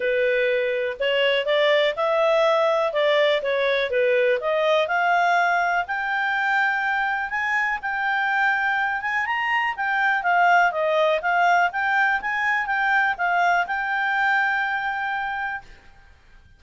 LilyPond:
\new Staff \with { instrumentName = "clarinet" } { \time 4/4 \tempo 4 = 123 b'2 cis''4 d''4 | e''2 d''4 cis''4 | b'4 dis''4 f''2 | g''2. gis''4 |
g''2~ g''8 gis''8 ais''4 | g''4 f''4 dis''4 f''4 | g''4 gis''4 g''4 f''4 | g''1 | }